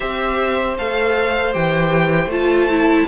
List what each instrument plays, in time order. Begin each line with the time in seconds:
0.00 cello C4, viola G4, violin C5 E5
0.77 cello A3, viola A4, violin F5
1.52 cello E3, viola G4, violin G5
2.26 cello A3, viola F4, violin A5
2.69 viola E4